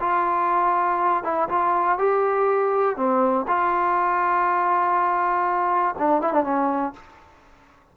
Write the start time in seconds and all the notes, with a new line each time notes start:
0.00 F4
1.24 E4
1.49 F4
1.98 G4
2.96 C4
3.47 F4
5.98 D4
6.21 E4
6.33 D4
6.43 C#4